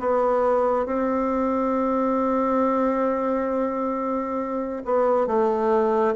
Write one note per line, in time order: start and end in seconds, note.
0.00 0.86 B3
0.86 4.83 C4
4.85 5.27 B3
5.27 6.15 A3